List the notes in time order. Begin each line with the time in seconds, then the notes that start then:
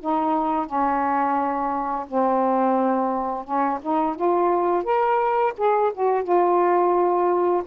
0.00 D#4
0.66 C#4
2.08 C4
3.44 C#4
3.82 D#4
4.16 F4
4.84 A#4
5.57 G#4
5.94 F#4
6.23 F4